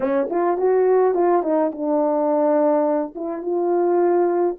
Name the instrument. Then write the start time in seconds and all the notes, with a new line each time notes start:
horn
0.00 C#4
0.30 F4
0.57 F#4
1.14 F4
1.42 D#4
1.71 D4
3.15 E4
3.42 F4